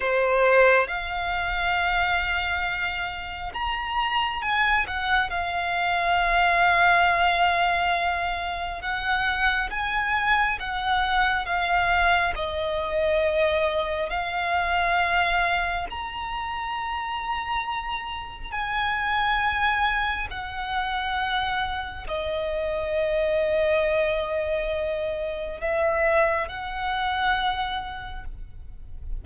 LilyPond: \new Staff \with { instrumentName = "violin" } { \time 4/4 \tempo 4 = 68 c''4 f''2. | ais''4 gis''8 fis''8 f''2~ | f''2 fis''4 gis''4 | fis''4 f''4 dis''2 |
f''2 ais''2~ | ais''4 gis''2 fis''4~ | fis''4 dis''2.~ | dis''4 e''4 fis''2 | }